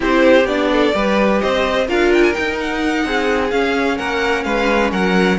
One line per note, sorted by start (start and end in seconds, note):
0.00 0.44 C4
0.00 0.43 E4
0.00 0.71 G4
0.00 0.45 C5
0.44 0.91 B3
0.44 0.93 D4
0.44 1.39 D5
0.72 0.95 A4
0.93 1.41 G3
0.93 1.87 G4
0.93 1.41 B4
1.40 1.88 C4
1.40 1.87 C5
1.40 1.87 D#5
1.87 2.34 D4
1.87 2.33 F4
1.87 3.04 A#4
1.87 2.12 F5
2.13 2.23 G5
2.23 2.33 G#5
2.33 3.50 D#4
2.33 3.04 D#4
2.33 2.56 G5
2.60 3.50 F#5
3.04 3.51 C4
3.04 3.97 G#4
3.50 5.38 C#4
3.50 3.99 C#4
3.50 3.97 F5
3.97 4.44 A#3
3.97 4.44 A#4
3.97 4.43 F#5
4.43 4.91 G#3
4.43 4.91 B4
4.43 4.90 F5
4.91 5.38 F#3
4.91 5.38 A#4
4.91 5.38 F#5